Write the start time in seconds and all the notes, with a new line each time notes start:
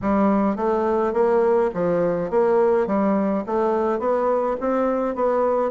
0.01 G3
0.56 A3
1.13 A#3
1.74 F3
2.30 A#3
2.86 G3
3.46 A3
3.99 B3
4.60 C4
5.15 B3